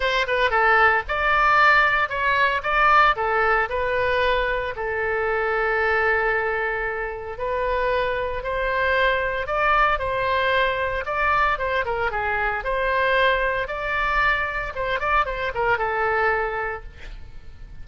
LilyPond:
\new Staff \with { instrumentName = "oboe" } { \time 4/4 \tempo 4 = 114 c''8 b'8 a'4 d''2 | cis''4 d''4 a'4 b'4~ | b'4 a'2.~ | a'2 b'2 |
c''2 d''4 c''4~ | c''4 d''4 c''8 ais'8 gis'4 | c''2 d''2 | c''8 d''8 c''8 ais'8 a'2 | }